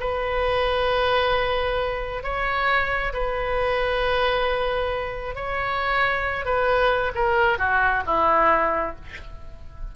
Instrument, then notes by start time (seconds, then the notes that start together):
oboe
0.00 B4
2.23 C#5
3.13 B4
5.35 C#5
6.45 B4
7.15 A#4
7.59 F#4
8.06 E4